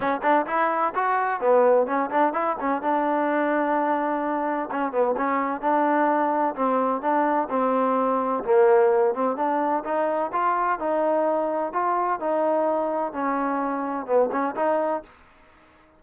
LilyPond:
\new Staff \with { instrumentName = "trombone" } { \time 4/4 \tempo 4 = 128 cis'8 d'8 e'4 fis'4 b4 | cis'8 d'8 e'8 cis'8 d'2~ | d'2 cis'8 b8 cis'4 | d'2 c'4 d'4 |
c'2 ais4. c'8 | d'4 dis'4 f'4 dis'4~ | dis'4 f'4 dis'2 | cis'2 b8 cis'8 dis'4 | }